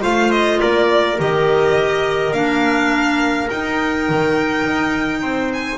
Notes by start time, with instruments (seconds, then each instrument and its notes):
0.00 double bass A3, clarinet F4, trumpet C5, violin F5
0.31 violin D#5
0.60 double bass A#3, trumpet A#4, violin D5
1.18 double bass D#3, clarinet G4, violin D#5
2.32 double bass A#3, clarinet D4, violin F5
3.49 clarinet D#4, double bass D#4, violin G5
4.09 double bass D#3
4.65 double bass D#4
5.21 double bass C4, trumpet C5
5.53 violin G#5